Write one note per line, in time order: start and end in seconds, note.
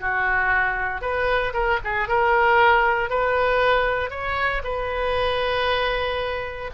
0.00 1.01 F#4
1.01 1.53 B4
1.53 1.79 A#4
1.84 2.08 G#4
2.08 3.10 A#4
3.10 4.10 B4
4.10 4.62 C#5
4.64 6.71 B4